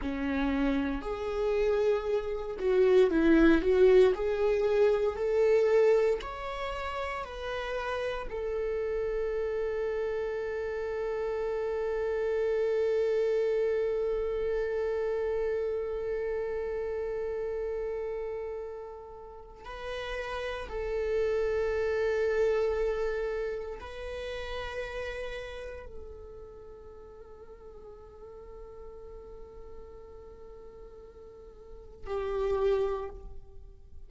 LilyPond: \new Staff \with { instrumentName = "viola" } { \time 4/4 \tempo 4 = 58 cis'4 gis'4. fis'8 e'8 fis'8 | gis'4 a'4 cis''4 b'4 | a'1~ | a'1~ |
a'2. b'4 | a'2. b'4~ | b'4 a'2.~ | a'2. g'4 | }